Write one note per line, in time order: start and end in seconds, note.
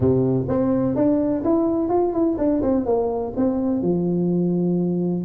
0.00 0.47 C3
0.48 0.95 C4
0.95 1.43 D4
1.44 1.89 E4
1.89 2.13 F4
2.13 2.37 E4
2.37 2.61 D4
2.61 2.85 C4
2.85 3.33 A#3
3.36 3.81 C4
3.81 5.24 F3